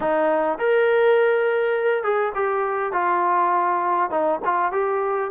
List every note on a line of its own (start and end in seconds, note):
0.00 0.58 D#4
0.58 2.03 A#4
2.03 2.33 G#4
2.34 2.92 G4
2.92 4.10 F4
4.10 4.40 D#4
4.44 4.72 F4
4.72 5.30 G4